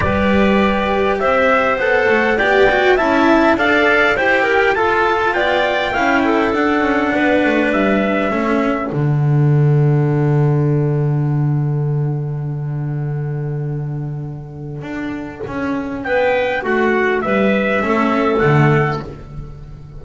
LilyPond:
<<
  \new Staff \with { instrumentName = "trumpet" } { \time 4/4 \tempo 4 = 101 d''2 e''4 fis''4 | g''4 a''4 f''4 g''4 | a''4 g''2 fis''4~ | fis''4 e''2 fis''4~ |
fis''1~ | fis''1~ | fis''2. g''4 | fis''4 e''2 fis''4 | }
  \new Staff \with { instrumentName = "clarinet" } { \time 4/4 b'2 c''2 | d''4 e''4 d''4 c''8 ais'8 | a'4 d''4 f''8 a'4. | b'2 a'2~ |
a'1~ | a'1~ | a'2. b'4 | fis'4 b'4 a'2 | }
  \new Staff \with { instrumentName = "cello" } { \time 4/4 g'2. a'4 | g'8 fis'8 e'4 a'4 g'4 | f'2 e'4 d'4~ | d'2 cis'4 d'4~ |
d'1~ | d'1~ | d'1~ | d'2 cis'4 a4 | }
  \new Staff \with { instrumentName = "double bass" } { \time 4/4 g2 c'4 b8 a8 | b4 cis'4 d'4 e'4 | f'4 b4 cis'4 d'8 cis'8 | b8 a8 g4 a4 d4~ |
d1~ | d1~ | d4 d'4 cis'4 b4 | a4 g4 a4 d4 | }
>>